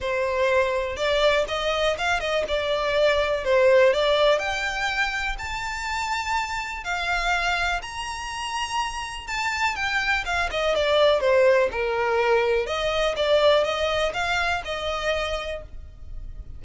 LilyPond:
\new Staff \with { instrumentName = "violin" } { \time 4/4 \tempo 4 = 123 c''2 d''4 dis''4 | f''8 dis''8 d''2 c''4 | d''4 g''2 a''4~ | a''2 f''2 |
ais''2. a''4 | g''4 f''8 dis''8 d''4 c''4 | ais'2 dis''4 d''4 | dis''4 f''4 dis''2 | }